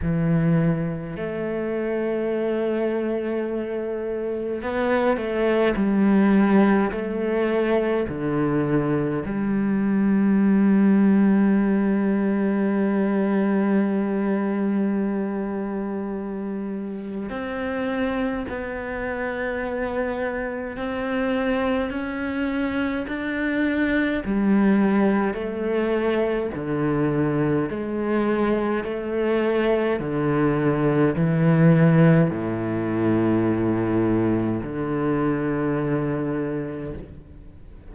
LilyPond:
\new Staff \with { instrumentName = "cello" } { \time 4/4 \tempo 4 = 52 e4 a2. | b8 a8 g4 a4 d4 | g1~ | g2. c'4 |
b2 c'4 cis'4 | d'4 g4 a4 d4 | gis4 a4 d4 e4 | a,2 d2 | }